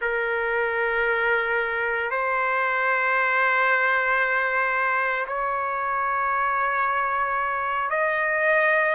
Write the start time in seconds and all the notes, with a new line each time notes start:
0.01 A#4
2.11 C5
5.27 C#5
7.89 D#5